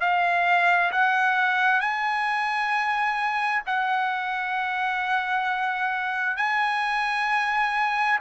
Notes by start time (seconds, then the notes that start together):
0.00 F5
0.91 F#5
1.80 G#5
3.67 F#5
6.37 G#5